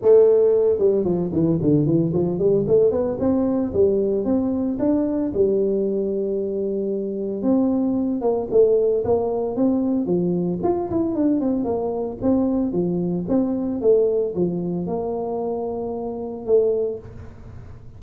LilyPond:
\new Staff \with { instrumentName = "tuba" } { \time 4/4 \tempo 4 = 113 a4. g8 f8 e8 d8 e8 | f8 g8 a8 b8 c'4 g4 | c'4 d'4 g2~ | g2 c'4. ais8 |
a4 ais4 c'4 f4 | f'8 e'8 d'8 c'8 ais4 c'4 | f4 c'4 a4 f4 | ais2. a4 | }